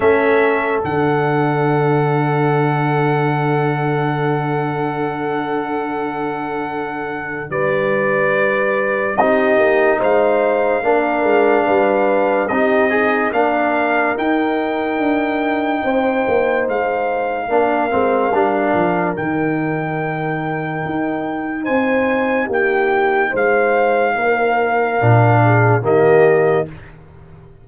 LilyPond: <<
  \new Staff \with { instrumentName = "trumpet" } { \time 4/4 \tempo 4 = 72 e''4 fis''2.~ | fis''1~ | fis''4 d''2 dis''4 | f''2. dis''4 |
f''4 g''2. | f''2. g''4~ | g''2 gis''4 g''4 | f''2. dis''4 | }
  \new Staff \with { instrumentName = "horn" } { \time 4/4 a'1~ | a'1~ | a'4 b'2 g'4 | c''4 ais'4 b'4 g'8 dis'8 |
ais'2. c''4~ | c''4 ais'2.~ | ais'2 c''4 g'4 | c''4 ais'4. gis'8 g'4 | }
  \new Staff \with { instrumentName = "trombone" } { \time 4/4 cis'4 d'2.~ | d'1~ | d'2. dis'4~ | dis'4 d'2 dis'8 gis'8 |
d'4 dis'2.~ | dis'4 d'8 c'8 d'4 dis'4~ | dis'1~ | dis'2 d'4 ais4 | }
  \new Staff \with { instrumentName = "tuba" } { \time 4/4 a4 d2.~ | d1~ | d4 g2 c'8 ais8 | gis4 ais8 gis8 g4 c'4 |
ais4 dis'4 d'4 c'8 ais8 | gis4 ais8 gis8 g8 f8 dis4~ | dis4 dis'4 c'4 ais4 | gis4 ais4 ais,4 dis4 | }
>>